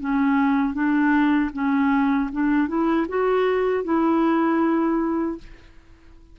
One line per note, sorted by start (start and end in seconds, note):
0.00 0.74 C#4
0.74 1.51 D4
1.53 2.30 C#4
2.32 2.68 D4
2.68 3.07 E4
3.08 3.84 F#4
3.84 5.38 E4